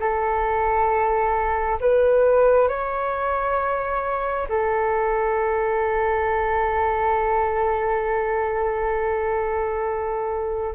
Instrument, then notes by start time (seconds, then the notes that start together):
flute
0.00 A4
1.81 B4
2.69 C#5
4.49 A4